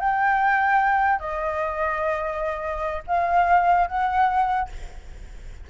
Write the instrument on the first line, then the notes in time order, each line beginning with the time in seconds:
flute
0.00 G5
1.20 D#5
3.07 F5
3.88 F#5